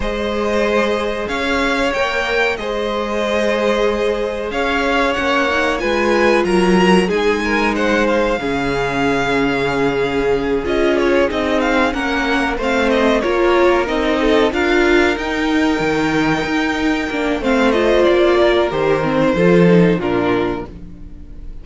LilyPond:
<<
  \new Staff \with { instrumentName = "violin" } { \time 4/4 \tempo 4 = 93 dis''2 f''4 g''4 | dis''2. f''4 | fis''4 gis''4 ais''4 gis''4 | fis''8 f''2.~ f''8~ |
f''8 dis''8 cis''8 dis''8 f''8 fis''4 f''8 | dis''8 cis''4 dis''4 f''4 g''8~ | g''2. f''8 dis''8 | d''4 c''2 ais'4 | }
  \new Staff \with { instrumentName = "violin" } { \time 4/4 c''2 cis''2 | c''2. cis''4~ | cis''4 b'4 ais'4 gis'8 ais'8 | c''4 gis'2.~ |
gis'2~ gis'8 ais'4 c''8~ | c''8 ais'4. a'8 ais'4.~ | ais'2. c''4~ | c''8 ais'4. a'4 f'4 | }
  \new Staff \with { instrumentName = "viola" } { \time 4/4 gis'2. ais'4 | gis'1 | cis'8 dis'8 f'2 dis'4~ | dis'4 cis'2.~ |
cis'8 f'4 dis'4 cis'4 c'8~ | c'8 f'4 dis'4 f'4 dis'8~ | dis'2~ dis'8 d'8 c'8 f'8~ | f'4 g'8 c'8 f'8 dis'8 d'4 | }
  \new Staff \with { instrumentName = "cello" } { \time 4/4 gis2 cis'4 ais4 | gis2. cis'4 | ais4 gis4 fis4 gis4~ | gis4 cis2.~ |
cis8 cis'4 c'4 ais4 a8~ | a8 ais4 c'4 d'4 dis'8~ | dis'8 dis4 dis'4 ais8 a4 | ais4 dis4 f4 ais,4 | }
>>